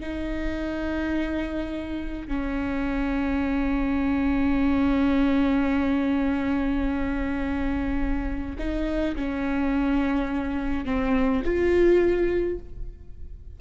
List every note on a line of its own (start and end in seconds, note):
0.00 2.28 D#4
2.28 8.56 C#4
8.58 9.16 D#4
9.16 10.85 C#4
10.85 11.42 C4
11.45 12.59 F4